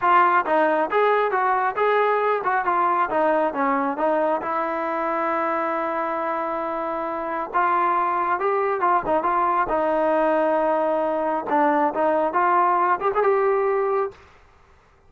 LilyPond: \new Staff \with { instrumentName = "trombone" } { \time 4/4 \tempo 4 = 136 f'4 dis'4 gis'4 fis'4 | gis'4. fis'8 f'4 dis'4 | cis'4 dis'4 e'2~ | e'1~ |
e'4 f'2 g'4 | f'8 dis'8 f'4 dis'2~ | dis'2 d'4 dis'4 | f'4. g'16 gis'16 g'2 | }